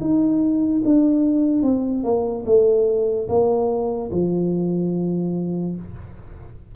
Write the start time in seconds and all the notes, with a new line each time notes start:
0.00 D#4
0.84 D4
1.62 C4
2.03 A#3
2.45 A3
3.28 A#3
4.11 F3